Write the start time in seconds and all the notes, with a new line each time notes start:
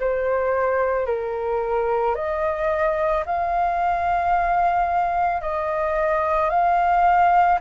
0.00 C5
1.06 A#4
2.15 D#5
3.26 F5
5.41 D#5
6.50 F5